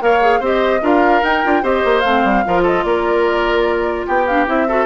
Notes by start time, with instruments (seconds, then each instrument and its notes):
0.00 bassoon A#3, clarinet A#4, oboe C#5, flute F5
0.21 clarinet G#4
0.39 bassoon C4, clarinet G4, oboe C5, flute D#5
0.81 bassoon D4, clarinet F4, oboe A#4, flute F5
1.22 bassoon D#4, clarinet D#4, flute G5
1.44 bassoon D4, clarinet F4
1.62 bassoon C4, clarinet G4, oboe C5, flute D#5
1.84 bassoon A#3
2.00 bassoon A3, clarinet C4, flute F5
2.24 bassoon G3
2.45 bassoon F3, clarinet F4, oboe A#4
2.62 oboe A4, flute D#5
2.84 bassoon A#3, oboe A#4, flute D5
4.06 bassoon B3, oboe G4, flute G5
4.26 clarinet D4, flute F5
4.46 bassoon C4, clarinet E4, flute E5
4.68 clarinet F#4, oboe A4